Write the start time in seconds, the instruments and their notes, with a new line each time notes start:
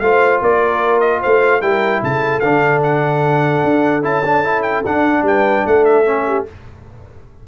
0.00 tuba A3, trombone F4, horn C5, trumpet F5
0.41 tuba A#3, horn A#4, trumpet D5
1.00 trumpet D#5
1.21 tuba A3, horn C5, trumpet F5
1.61 tuba G3, trombone E4, horn A#4, trumpet G5
2.02 tuba C#3, horn A4, trumpet A5
2.40 tuba D3, trombone D4, trumpet F5
2.83 trumpet F#5
3.64 tuba D4
4.03 tuba C#4, trombone E4, trumpet A5
4.25 trombone D4
4.44 trombone E4
4.62 trumpet G5
4.85 tuba D4, trombone D4, trumpet F#5
5.22 tuba G3, horn B4, trumpet G5
5.66 tuba A3, horn A4, trumpet F#5
5.85 trumpet E5
6.05 trombone C#4
6.27 horn G4